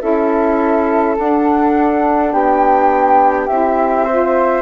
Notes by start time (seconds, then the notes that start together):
0.00 C#4 E4 A4 E5
1.18 D4 F#5
2.32 B3 G4 G5
3.48 C4 E4 E5
4.05 F4 C5